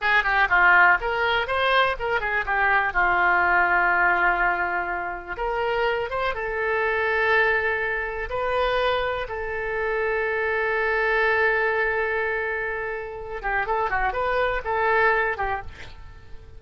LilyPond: \new Staff \with { instrumentName = "oboe" } { \time 4/4 \tempo 4 = 123 gis'8 g'8 f'4 ais'4 c''4 | ais'8 gis'8 g'4 f'2~ | f'2. ais'4~ | ais'8 c''8 a'2.~ |
a'4 b'2 a'4~ | a'1~ | a'2.~ a'8 g'8 | a'8 fis'8 b'4 a'4. g'8 | }